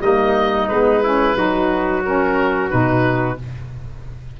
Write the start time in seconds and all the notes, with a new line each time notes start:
0.00 G3 A#3 D#4 D#5
0.68 G#3 B3 B4
1.03 C#4 E4
1.35 F#3 D#4 F#4
2.04 C#4 A#4
2.70 B2 D#4 B4